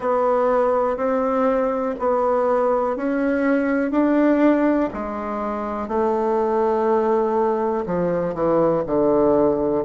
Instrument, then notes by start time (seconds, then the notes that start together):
bassoon
0.00 B3
0.96 C4
1.99 B3
2.96 C#4
3.91 D4
4.93 G#3
5.87 A3
7.86 F3
8.34 E3
8.86 D3